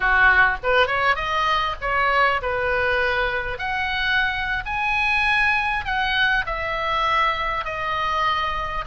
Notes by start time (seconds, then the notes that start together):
0.00 F#4
0.63 B4
0.86 C#5
1.15 D#5
1.81 C#5
2.42 B4
3.58 F#5
4.65 G#5
5.85 F#5
6.46 E5
7.64 D#5